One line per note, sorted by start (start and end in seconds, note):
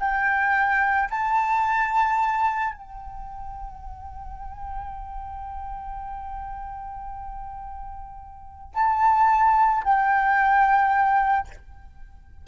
0.00 1.09 G5
1.10 2.74 A5
2.74 8.74 G5
8.74 9.83 A5
9.84 11.47 G5